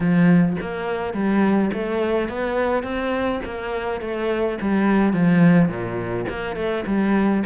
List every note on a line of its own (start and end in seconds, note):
0.00 0.56 F3
0.61 1.13 A#3
1.13 1.70 G3
1.73 2.29 A3
2.29 2.83 B3
2.83 3.40 C4
3.44 4.01 A#3
4.01 4.58 A3
4.61 5.13 G3
5.13 5.68 F3
5.68 6.25 A#2
6.29 6.56 A#3
6.56 6.84 A3
6.86 7.43 G3